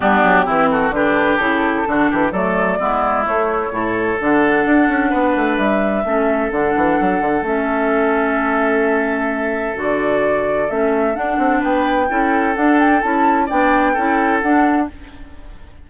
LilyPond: <<
  \new Staff \with { instrumentName = "flute" } { \time 4/4 \tempo 4 = 129 g'4. a'8 b'4 a'4~ | a'4 d''2 cis''4~ | cis''4 fis''2. | e''2 fis''2 |
e''1~ | e''4 d''2 e''4 | fis''4 g''2 fis''8 g''8 | a''4 g''2 fis''4 | }
  \new Staff \with { instrumentName = "oboe" } { \time 4/4 d'4 e'8 fis'8 g'2 | fis'8 g'8 a'4 e'2 | a'2. b'4~ | b'4 a'2.~ |
a'1~ | a'1~ | a'4 b'4 a'2~ | a'4 d''4 a'2 | }
  \new Staff \with { instrumentName = "clarinet" } { \time 4/4 b4 c'4 d'4 e'4 | d'4 a4 b4 a4 | e'4 d'2.~ | d'4 cis'4 d'2 |
cis'1~ | cis'4 fis'2 cis'4 | d'2 e'4 d'4 | e'4 d'4 e'4 d'4 | }
  \new Staff \with { instrumentName = "bassoon" } { \time 4/4 g8 fis8 e4 d4 cis4 | d8 e8 fis4 gis4 a4 | a,4 d4 d'8 cis'8 b8 a8 | g4 a4 d8 e8 fis8 d8 |
a1~ | a4 d2 a4 | d'8 c'8 b4 cis'4 d'4 | cis'4 b4 cis'4 d'4 | }
>>